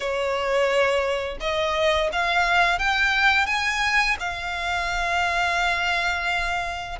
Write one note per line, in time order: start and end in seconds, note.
0.00 1.38 C#5
1.40 2.10 D#5
2.12 2.78 F5
2.78 3.46 G5
3.46 4.16 G#5
4.19 6.98 F5